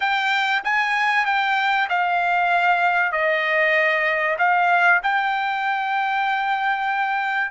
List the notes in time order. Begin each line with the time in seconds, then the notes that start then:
0.00 G5
0.64 G#5
1.25 G5
1.89 F5
3.11 D#5
4.38 F5
5.02 G5